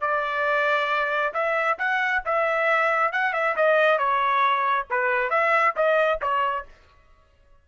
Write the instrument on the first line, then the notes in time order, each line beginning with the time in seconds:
trumpet
0.00 D5
1.33 E5
1.78 F#5
2.25 E5
3.12 F#5
3.33 E5
3.56 D#5
3.98 C#5
4.90 B4
5.30 E5
5.76 D#5
6.21 C#5